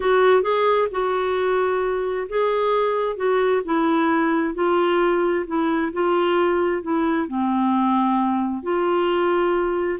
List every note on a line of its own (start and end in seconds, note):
0.00 0.42 F#4
0.42 0.87 G#4
0.91 2.27 F#4
2.28 3.16 G#4
3.16 3.62 F#4
3.64 4.54 E4
4.54 5.45 F4
5.47 5.92 E4
5.92 6.82 F4
6.82 7.27 E4
7.27 8.62 C4
8.62 9.99 F4